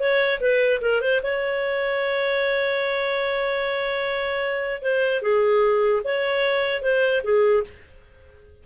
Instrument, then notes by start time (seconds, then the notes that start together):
clarinet
0.00 C#5
0.41 B4
0.81 A#4
1.02 C5
1.23 C#5
4.82 C5
5.22 G#4
6.04 C#5
6.82 C5
7.24 G#4